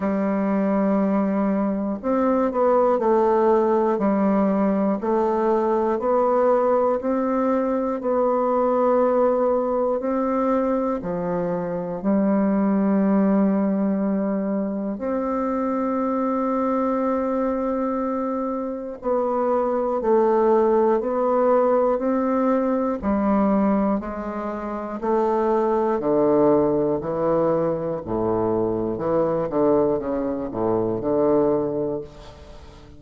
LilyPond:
\new Staff \with { instrumentName = "bassoon" } { \time 4/4 \tempo 4 = 60 g2 c'8 b8 a4 | g4 a4 b4 c'4 | b2 c'4 f4 | g2. c'4~ |
c'2. b4 | a4 b4 c'4 g4 | gis4 a4 d4 e4 | a,4 e8 d8 cis8 a,8 d4 | }